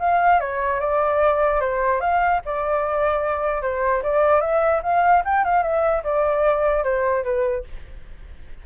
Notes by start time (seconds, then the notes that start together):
0.00 F5
0.41 C#5
0.81 D5
1.61 C5
2.01 F5
2.46 D5
3.62 C5
4.03 D5
4.41 E5
4.83 F5
5.25 G5
5.45 F5
5.63 E5
6.04 D5
6.84 C5
7.24 B4